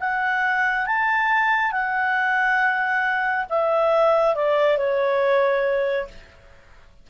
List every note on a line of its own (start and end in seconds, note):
0.00 0.87 F#5
0.87 1.72 A5
1.72 3.46 F#5
3.50 4.35 E5
4.35 4.78 D5
4.78 6.08 C#5